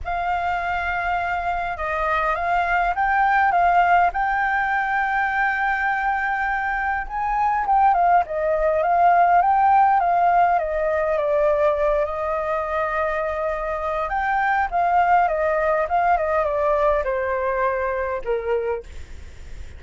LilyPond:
\new Staff \with { instrumentName = "flute" } { \time 4/4 \tempo 4 = 102 f''2. dis''4 | f''4 g''4 f''4 g''4~ | g''1 | gis''4 g''8 f''8 dis''4 f''4 |
g''4 f''4 dis''4 d''4~ | d''8 dis''2.~ dis''8 | g''4 f''4 dis''4 f''8 dis''8 | d''4 c''2 ais'4 | }